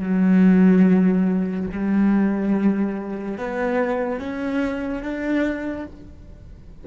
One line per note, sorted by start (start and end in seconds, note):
0.00 1.67 F#3
1.72 3.37 G3
3.37 4.19 B3
4.19 5.03 C#4
5.03 5.86 D4